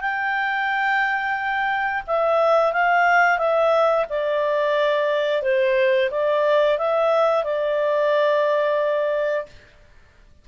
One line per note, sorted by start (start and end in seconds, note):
0.00 2.02 G5
2.07 2.72 E5
2.72 3.38 F5
3.38 4.05 E5
4.09 5.42 D5
5.42 6.09 C5
6.10 6.78 D5
6.78 7.43 E5
7.43 9.46 D5